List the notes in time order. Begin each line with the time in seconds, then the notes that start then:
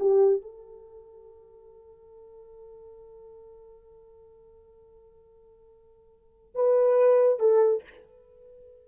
0.00 G4
0.42 A4
6.55 B4
7.40 A4